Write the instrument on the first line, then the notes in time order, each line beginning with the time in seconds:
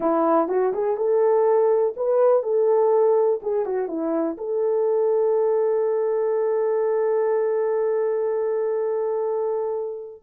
horn
0.00 E4
0.48 F#4
0.73 G#4
0.96 A4
1.96 B4
2.43 A4
3.42 G#4
3.65 F#4
3.88 E4
4.37 A4